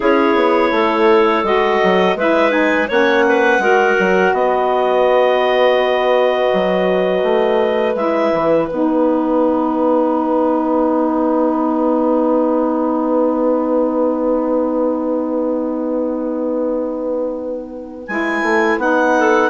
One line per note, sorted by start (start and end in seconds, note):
0.00 0.35 C#4
0.00 1.43 E4
0.00 0.70 G#4
0.00 1.45 C#5
0.35 0.71 B3
0.71 1.43 A3
0.71 2.17 A4
1.43 1.79 G#3
1.43 2.17 F#4
1.43 2.17 D#5
1.83 2.15 F#3
2.15 2.88 G#3
2.15 2.50 E4
2.15 2.88 B4
2.15 2.51 E5
2.50 2.86 D#4
2.50 2.87 G#5
2.88 3.58 A#3
2.88 3.60 C#4
2.88 3.24 C#5
2.88 4.34 F#5
3.27 3.62 B4
3.58 3.95 G#3
3.58 7.94 F#4
3.58 4.35 A#4
3.99 4.33 F#3
4.33 6.49 B3
4.33 19.18 B4
4.33 7.95 D#5
6.53 7.22 F#3
7.22 7.95 A3
7.95 8.31 G#3
7.95 8.67 E4
7.95 8.67 E5
8.33 8.69 E3
8.67 18.08 B3
8.67 18.08 D#4
8.67 18.07 F#5
18.07 18.42 G#3
18.07 18.79 E4
18.07 18.79 G#5
18.42 18.77 A3
18.77 19.49 B3
18.77 19.49 D#4
18.77 19.49 F#5
19.19 19.49 A4